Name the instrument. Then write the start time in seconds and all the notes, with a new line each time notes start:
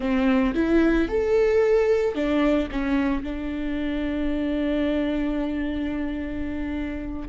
viola
0.00 C4
0.54 E4
1.08 A4
2.14 D4
2.71 C#4
3.23 D4